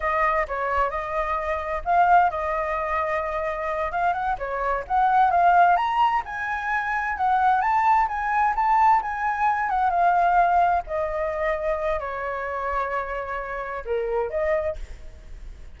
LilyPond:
\new Staff \with { instrumentName = "flute" } { \time 4/4 \tempo 4 = 130 dis''4 cis''4 dis''2 | f''4 dis''2.~ | dis''8 f''8 fis''8 cis''4 fis''4 f''8~ | f''8 ais''4 gis''2 fis''8~ |
fis''8 a''4 gis''4 a''4 gis''8~ | gis''4 fis''8 f''2 dis''8~ | dis''2 cis''2~ | cis''2 ais'4 dis''4 | }